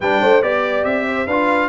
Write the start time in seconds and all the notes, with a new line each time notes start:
0.00 G3 D4 B4 G5
0.21 A3 C5
0.42 B3 G4 D5
0.84 C4 E5
1.07 C5
1.27 D4 F4 B4 F5